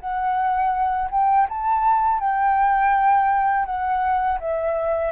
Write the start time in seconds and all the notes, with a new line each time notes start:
0.00 F#5
1.11 G5
1.49 A5
2.20 G5
3.66 F#5
4.40 E5